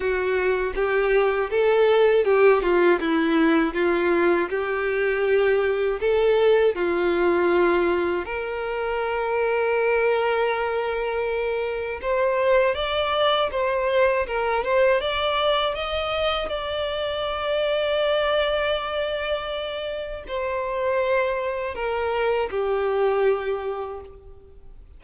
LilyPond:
\new Staff \with { instrumentName = "violin" } { \time 4/4 \tempo 4 = 80 fis'4 g'4 a'4 g'8 f'8 | e'4 f'4 g'2 | a'4 f'2 ais'4~ | ais'1 |
c''4 d''4 c''4 ais'8 c''8 | d''4 dis''4 d''2~ | d''2. c''4~ | c''4 ais'4 g'2 | }